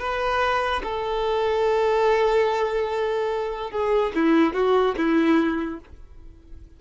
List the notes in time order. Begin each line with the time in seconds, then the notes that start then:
0.00 B4
0.84 A4
3.71 G#4
4.16 E4
4.54 F#4
4.98 E4